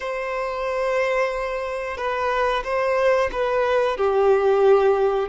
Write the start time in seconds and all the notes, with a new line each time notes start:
0.00 C5
1.97 B4
2.64 C5
3.32 B4
3.97 G4